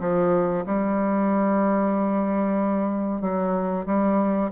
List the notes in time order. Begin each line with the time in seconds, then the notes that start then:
0.00 F3
0.66 G3
3.21 F#3
3.86 G3